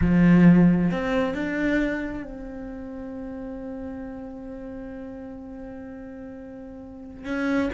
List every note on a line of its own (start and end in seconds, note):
0.01 0.90 F3
0.91 1.34 C4
1.34 2.23 D4
2.23 7.25 C4
7.25 7.70 C#4